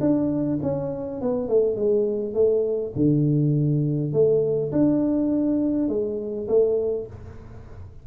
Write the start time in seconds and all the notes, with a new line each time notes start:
0.00 D4
0.62 C#4
1.21 B3
1.48 A3
1.76 G#3
2.33 A3
2.95 D3
4.13 A3
4.72 D4
5.88 G#3
6.48 A3